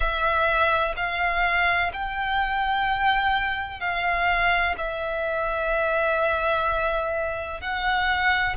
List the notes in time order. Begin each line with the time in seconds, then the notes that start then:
0.00 E5
0.96 F5
1.93 G5
3.80 F5
4.77 E5
7.61 F#5